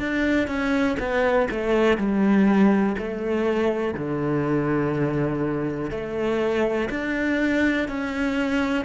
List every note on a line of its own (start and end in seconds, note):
0.00 0.48 D4
0.48 0.97 C#4
1.00 1.49 B3
1.51 1.98 A3
1.98 2.96 G3
2.99 3.95 A3
3.95 5.91 D3
5.91 6.89 A3
6.90 7.89 D4
7.89 8.85 C#4